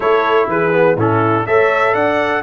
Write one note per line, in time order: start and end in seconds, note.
0.00 0.47 A3
0.00 0.72 E4
0.00 0.49 A4
0.00 0.49 C#5
0.47 0.96 E3
0.47 0.97 G#4
0.47 0.98 B4
0.72 0.96 B3
0.96 1.44 A2
0.96 1.46 C#4
0.96 1.46 E4
0.96 1.46 A4
1.46 1.94 A3
1.46 2.43 A4
1.46 1.93 C#5
1.46 1.94 E5
1.93 2.43 D4
1.93 2.42 D5
1.93 2.43 F#5